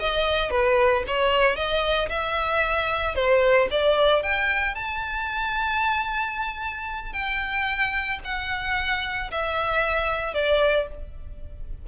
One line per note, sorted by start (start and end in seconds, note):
0.00 0.51 D#5
0.51 1.04 B4
1.08 1.56 C#5
1.56 2.09 D#5
2.09 3.16 E5
3.16 3.69 C5
3.71 4.23 D5
4.23 4.75 G5
4.75 7.13 A5
7.13 8.20 G5
8.25 9.31 F#5
9.32 10.35 E5
10.35 10.88 D5